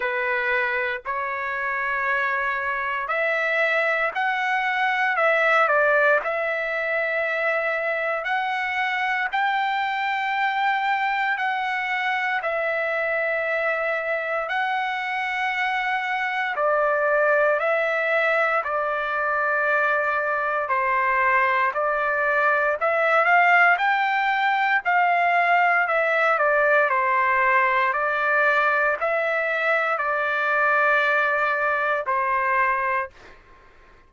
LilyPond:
\new Staff \with { instrumentName = "trumpet" } { \time 4/4 \tempo 4 = 58 b'4 cis''2 e''4 | fis''4 e''8 d''8 e''2 | fis''4 g''2 fis''4 | e''2 fis''2 |
d''4 e''4 d''2 | c''4 d''4 e''8 f''8 g''4 | f''4 e''8 d''8 c''4 d''4 | e''4 d''2 c''4 | }